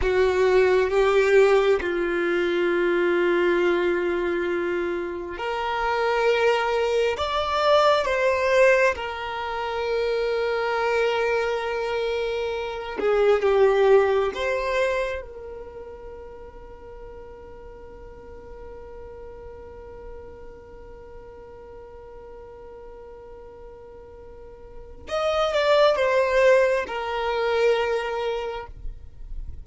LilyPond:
\new Staff \with { instrumentName = "violin" } { \time 4/4 \tempo 4 = 67 fis'4 g'4 f'2~ | f'2 ais'2 | d''4 c''4 ais'2~ | ais'2~ ais'8 gis'8 g'4 |
c''4 ais'2.~ | ais'1~ | ais'1 | dis''8 d''8 c''4 ais'2 | }